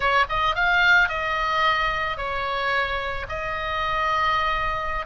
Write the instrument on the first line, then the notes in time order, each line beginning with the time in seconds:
oboe
0.00 C#5
0.29 D#5
0.55 F5
1.08 D#5
2.17 C#5
3.29 D#5